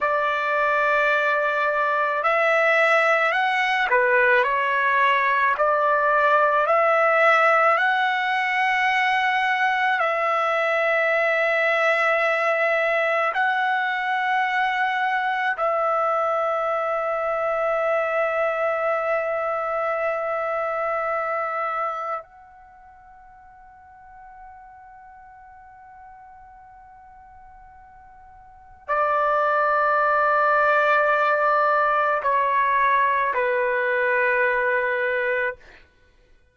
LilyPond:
\new Staff \with { instrumentName = "trumpet" } { \time 4/4 \tempo 4 = 54 d''2 e''4 fis''8 b'8 | cis''4 d''4 e''4 fis''4~ | fis''4 e''2. | fis''2 e''2~ |
e''1 | fis''1~ | fis''2 d''2~ | d''4 cis''4 b'2 | }